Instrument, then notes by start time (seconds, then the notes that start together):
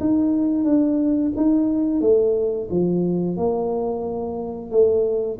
tuba
0.00 D#4
0.64 D4
1.36 D#4
2.01 A3
2.70 F3
3.37 A#3
4.71 A3